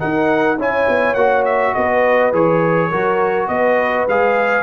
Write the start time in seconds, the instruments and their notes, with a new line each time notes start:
0.00 trombone D#4, tuba D#4, horn A#4, trumpet F#5
0.58 tuba C#4, trombone E4, horn C#5, trumpet G#5
0.89 tuba B3
1.15 tuba A#3, trombone F#4, trumpet F#5
1.45 trumpet E5
1.75 tuba B3, horn B4, trumpet D#5
2.33 tuba E3, trombone G#4, trumpet C#5
2.90 tuba F#3, trombone F#4, horn A#4
3.48 tuba B3, horn B4, trumpet D#5
4.08 tuba G#3, trombone G#4, trumpet F5